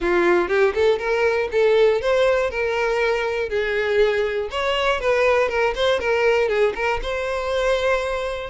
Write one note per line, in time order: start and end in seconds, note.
0.00 0.48 F4
0.48 0.73 G4
0.74 0.98 A4
0.98 1.48 A#4
1.51 2.01 A4
2.01 2.50 C5
2.50 3.49 A#4
3.49 4.49 G#4
4.50 5.00 C#5
5.00 5.49 B4
5.49 5.74 A#4
5.75 5.99 C5
5.99 6.48 A#4
6.48 6.73 G#4
6.75 7.00 A#4
7.02 8.50 C5